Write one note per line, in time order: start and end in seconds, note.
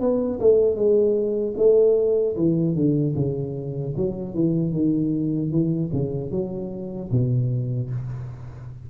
0.00 0.39 B3
0.39 0.75 A3
0.75 1.54 G#3
1.57 2.36 A3
2.36 2.75 E3
2.75 3.14 D3
3.15 3.94 C#3
3.97 4.34 F#3
4.34 4.72 E3
4.72 5.50 D#3
5.50 5.90 E3
5.92 6.31 C#3
6.31 7.10 F#3
7.11 7.90 B2